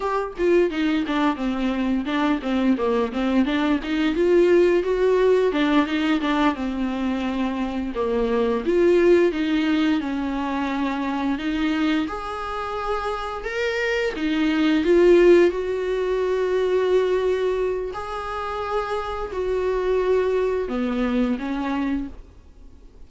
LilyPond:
\new Staff \with { instrumentName = "viola" } { \time 4/4 \tempo 4 = 87 g'8 f'8 dis'8 d'8 c'4 d'8 c'8 | ais8 c'8 d'8 dis'8 f'4 fis'4 | d'8 dis'8 d'8 c'2 ais8~ | ais8 f'4 dis'4 cis'4.~ |
cis'8 dis'4 gis'2 ais'8~ | ais'8 dis'4 f'4 fis'4.~ | fis'2 gis'2 | fis'2 b4 cis'4 | }